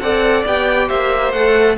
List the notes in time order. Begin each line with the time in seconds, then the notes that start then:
0.00 C4 A4 D5 F#5
0.46 B3 G4 G5
0.88 A#3 C5 E5
1.32 A3 A4 F#5